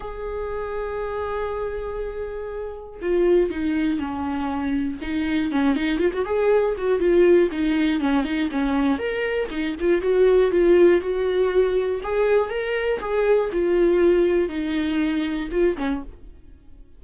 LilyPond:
\new Staff \with { instrumentName = "viola" } { \time 4/4 \tempo 4 = 120 gis'1~ | gis'2 f'4 dis'4 | cis'2 dis'4 cis'8 dis'8 | f'16 fis'16 gis'4 fis'8 f'4 dis'4 |
cis'8 dis'8 cis'4 ais'4 dis'8 f'8 | fis'4 f'4 fis'2 | gis'4 ais'4 gis'4 f'4~ | f'4 dis'2 f'8 cis'8 | }